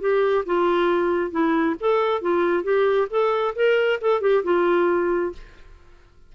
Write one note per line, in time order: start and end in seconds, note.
0.00 0.44 G4
0.46 1.31 F4
1.31 1.75 E4
1.80 2.21 A4
2.21 2.63 F4
2.63 3.08 G4
3.10 3.54 A4
3.55 4.00 A#4
4.01 4.21 A4
4.21 4.43 G4
4.43 5.32 F4